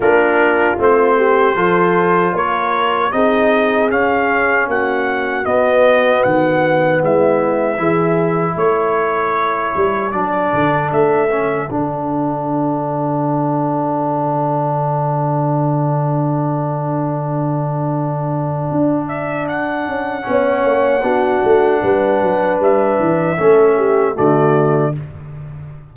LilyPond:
<<
  \new Staff \with { instrumentName = "trumpet" } { \time 4/4 \tempo 4 = 77 ais'4 c''2 cis''4 | dis''4 f''4 fis''4 dis''4 | fis''4 e''2 cis''4~ | cis''4 d''4 e''4 fis''4~ |
fis''1~ | fis''1~ | fis''8 e''8 fis''2.~ | fis''4 e''2 d''4 | }
  \new Staff \with { instrumentName = "horn" } { \time 4/4 f'4. g'8 a'4 ais'4 | gis'2 fis'2~ | fis'4 e'4 gis'4 a'4~ | a'1~ |
a'1~ | a'1~ | a'2 cis''4 fis'4 | b'2 a'8 g'8 fis'4 | }
  \new Staff \with { instrumentName = "trombone" } { \time 4/4 d'4 c'4 f'2 | dis'4 cis'2 b4~ | b2 e'2~ | e'4 d'4. cis'8 d'4~ |
d'1~ | d'1~ | d'2 cis'4 d'4~ | d'2 cis'4 a4 | }
  \new Staff \with { instrumentName = "tuba" } { \time 4/4 ais4 a4 f4 ais4 | c'4 cis'4 ais4 b4 | dis4 gis4 e4 a4~ | a8 g8 fis8 d8 a4 d4~ |
d1~ | d1 | d'4. cis'8 b8 ais8 b8 a8 | g8 fis8 g8 e8 a4 d4 | }
>>